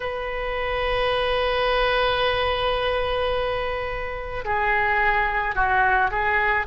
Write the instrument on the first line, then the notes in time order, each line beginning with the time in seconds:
oboe
0.00 B4
4.44 G#4
5.55 F#4
6.11 G#4